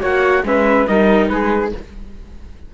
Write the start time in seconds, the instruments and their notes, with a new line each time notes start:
0.00 cello A#3, viola F#4, flute C#5, trumpet F#5
0.43 cello G#3, viola C#4, flute B4, trumpet E5
0.86 cello G3, viola D#4, flute A#4, trumpet D#5
1.28 cello G#3, flute G#4, trumpet B4